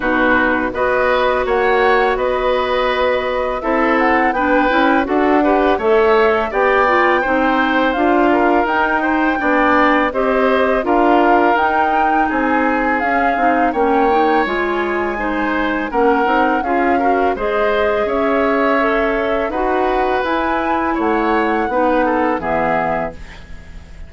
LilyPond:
<<
  \new Staff \with { instrumentName = "flute" } { \time 4/4 \tempo 4 = 83 b'4 dis''4 fis''4 dis''4~ | dis''4 e''8 fis''8 g''4 fis''4 | e''4 g''2 f''4 | g''2 dis''4 f''4 |
g''4 gis''4 f''4 g''4 | gis''2 fis''4 f''4 | dis''4 e''2 fis''4 | gis''4 fis''2 e''4 | }
  \new Staff \with { instrumentName = "oboe" } { \time 4/4 fis'4 b'4 cis''4 b'4~ | b'4 a'4 b'4 a'8 b'8 | cis''4 d''4 c''4. ais'8~ | ais'8 c''8 d''4 c''4 ais'4~ |
ais'4 gis'2 cis''4~ | cis''4 c''4 ais'4 gis'8 ais'8 | c''4 cis''2 b'4~ | b'4 cis''4 b'8 a'8 gis'4 | }
  \new Staff \with { instrumentName = "clarinet" } { \time 4/4 dis'4 fis'2.~ | fis'4 e'4 d'8 e'8 fis'8 g'8 | a'4 g'8 f'8 dis'4 f'4 | dis'4 d'4 g'4 f'4 |
dis'2 cis'8 dis'8 cis'8 dis'8 | f'4 dis'4 cis'8 dis'8 f'8 fis'8 | gis'2 a'4 fis'4 | e'2 dis'4 b4 | }
  \new Staff \with { instrumentName = "bassoon" } { \time 4/4 b,4 b4 ais4 b4~ | b4 c'4 b8 cis'8 d'4 | a4 b4 c'4 d'4 | dis'4 b4 c'4 d'4 |
dis'4 c'4 cis'8 c'8 ais4 | gis2 ais8 c'8 cis'4 | gis4 cis'2 dis'4 | e'4 a4 b4 e4 | }
>>